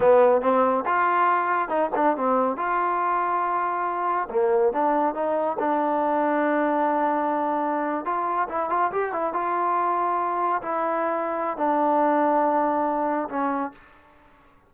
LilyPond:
\new Staff \with { instrumentName = "trombone" } { \time 4/4 \tempo 4 = 140 b4 c'4 f'2 | dis'8 d'8 c'4 f'2~ | f'2 ais4 d'4 | dis'4 d'2.~ |
d'2~ d'8. f'4 e'16~ | e'16 f'8 g'8 e'8 f'2~ f'16~ | f'8. e'2~ e'16 d'4~ | d'2. cis'4 | }